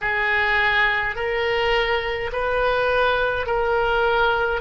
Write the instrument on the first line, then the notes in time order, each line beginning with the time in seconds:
oboe
0.01 G#4
1.15 A#4
2.32 B4
3.46 A#4